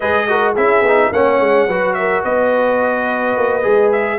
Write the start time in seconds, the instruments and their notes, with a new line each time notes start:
0.00 tuba G#3, trombone G#4, horn B4, trumpet D#5
0.28 trombone F#4, horn A#4
0.53 tuba C#4, trombone E4, horn G#4, trumpet E5
0.81 tuba B3, trombone D#4
1.11 tuba A#3, trombone C#4, horn C#5, trumpet F#5
1.39 tuba G#3
1.67 tuba F#3, trombone F#4, horn B4
1.93 horn A#4, trumpet E5
2.23 tuba B3, horn B4, trumpet D#5
3.36 tuba A#3
3.62 tuba G#3, trombone G#4
3.92 trumpet E5